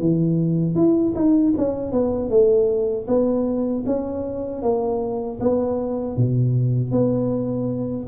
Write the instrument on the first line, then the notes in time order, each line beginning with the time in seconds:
tuba
0.00 E3
0.75 E4
1.15 D#4
1.57 C#4
1.92 B3
2.30 A3
3.07 B3
3.86 C#4
4.62 A#3
5.40 B3
6.17 B2
6.91 B3